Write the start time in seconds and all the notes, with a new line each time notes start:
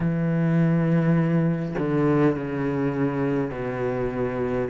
0.00 E3
1.78 D3
2.35 C#3
3.50 B2